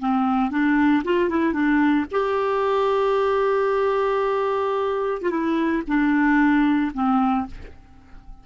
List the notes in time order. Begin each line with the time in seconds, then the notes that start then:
0.00 C4
0.51 D4
1.04 F4
1.30 E4
1.53 D4
2.12 G4
5.22 F4
5.31 E4
5.88 D4
6.94 C4